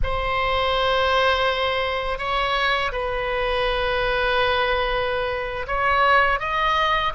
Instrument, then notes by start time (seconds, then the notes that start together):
oboe
0.03 C5
2.18 C#5
2.92 B4
5.67 C#5
6.39 D#5